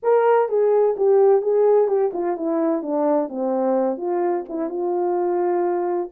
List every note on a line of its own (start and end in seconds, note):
0.03 0.48 A#4
0.48 0.95 G#4
0.97 1.41 G4
1.41 1.87 G#4
1.87 2.11 G4
2.13 2.36 F4
2.36 2.82 E4
2.82 3.29 D4
3.29 3.97 C4
3.97 4.44 F4
4.49 4.69 E4
4.69 6.09 F4